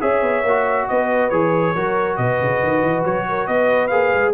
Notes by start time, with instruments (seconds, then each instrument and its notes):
0.00 tuba C#4, trombone G#4, horn C#5, trumpet E5
0.22 tuba B3
0.44 tuba A#3, trombone F#4
0.89 tuba B3, horn B4, trumpet D#5
1.30 tuba E3, trombone G#4, trumpet C#5
1.75 tuba F#3, trombone F#4, horn A#4
2.17 tuba B2, horn B4, trumpet D#5
2.41 tuba C#3
2.63 tuba D#3
2.83 tuba E3
3.05 tuba F#3, trumpet C#5
3.29 horn A#4
3.47 tuba B3, horn B4, trumpet D#5
3.88 tuba A#3, trombone G#4, trumpet F5
4.14 tuba G#3